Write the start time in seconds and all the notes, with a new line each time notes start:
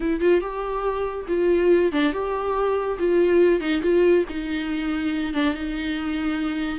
0.00 E4
0.20 F4
0.40 G4
1.28 F4
1.91 D4
2.12 G4
2.98 F4
3.60 D#4
3.82 F4
4.29 D#4
5.33 D4
5.54 D#4